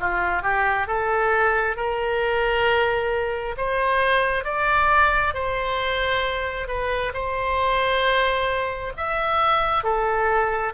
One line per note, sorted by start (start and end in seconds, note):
0.00 0.43 F4
0.43 0.88 G4
0.88 1.77 A4
1.77 3.56 A#4
3.57 4.45 C5
4.45 5.34 D5
5.34 6.68 C5
6.68 7.13 B4
7.14 8.93 C5
8.97 9.84 E5
9.84 10.73 A4